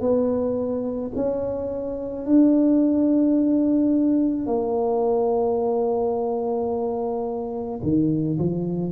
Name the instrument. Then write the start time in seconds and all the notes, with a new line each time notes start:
tuba
0.00 B3
1.16 C#4
2.26 D4
4.46 A#3
7.83 D#3
8.39 F3